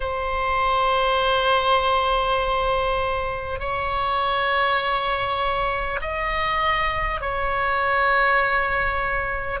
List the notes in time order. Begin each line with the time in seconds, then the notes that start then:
0.00 C5
3.59 C#5
6.01 D#5
7.21 C#5